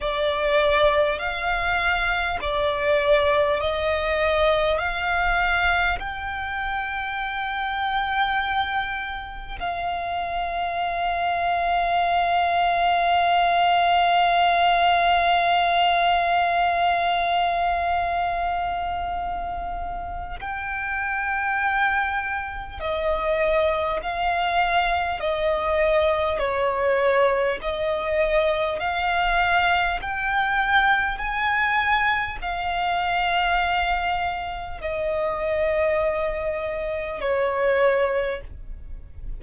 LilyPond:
\new Staff \with { instrumentName = "violin" } { \time 4/4 \tempo 4 = 50 d''4 f''4 d''4 dis''4 | f''4 g''2. | f''1~ | f''1~ |
f''4 g''2 dis''4 | f''4 dis''4 cis''4 dis''4 | f''4 g''4 gis''4 f''4~ | f''4 dis''2 cis''4 | }